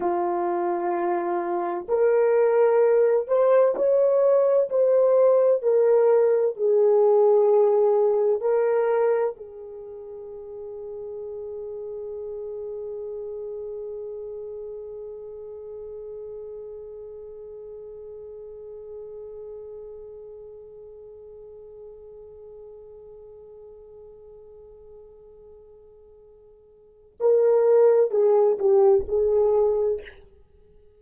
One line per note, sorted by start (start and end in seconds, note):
0.00 1.87 F4
1.88 3.27 A#4
3.27 3.74 C5
3.75 4.69 C#5
4.69 5.62 C5
5.62 6.56 A#4
6.56 8.40 G#4
8.40 9.34 A#4
9.36 27.17 G#4
27.20 28.10 A#4
28.10 28.57 G#4
28.59 29.05 G4
29.08 30.01 G#4